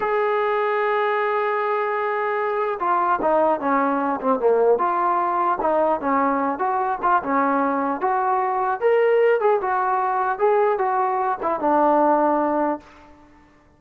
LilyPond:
\new Staff \with { instrumentName = "trombone" } { \time 4/4 \tempo 4 = 150 gis'1~ | gis'2. f'4 | dis'4 cis'4. c'8 ais4 | f'2 dis'4 cis'4~ |
cis'8 fis'4 f'8 cis'2 | fis'2 ais'4. gis'8 | fis'2 gis'4 fis'4~ | fis'8 e'8 d'2. | }